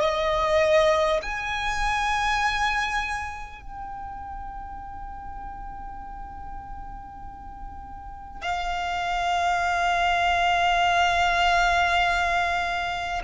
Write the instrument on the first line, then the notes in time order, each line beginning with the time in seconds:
violin
0.00 D#5
1.22 G#5
3.61 G5
8.42 F5